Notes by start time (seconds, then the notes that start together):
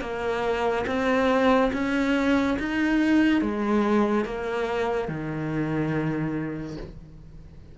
0.00 A#3
0.86 C4
1.72 C#4
2.59 D#4
3.41 G#3
4.24 A#3
5.08 D#3